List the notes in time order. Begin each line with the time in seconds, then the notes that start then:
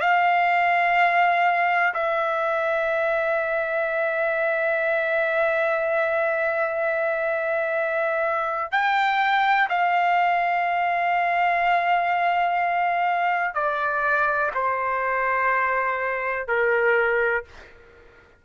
0.00 F5
1.94 E5
8.71 G5
9.69 F5
13.54 D5
14.54 C5
16.47 A#4